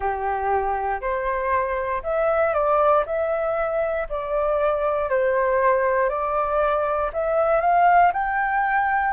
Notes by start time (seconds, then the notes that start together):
0.00 G4
1.00 C5
2.03 E5
2.53 D5
3.06 E5
4.09 D5
5.09 C5
6.09 D5
7.13 E5
7.60 F5
8.13 G5